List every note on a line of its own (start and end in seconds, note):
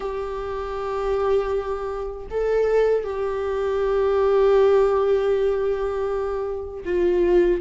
0.00 2.26 G4
2.30 3.04 A4
3.04 6.84 G4
6.85 7.61 F4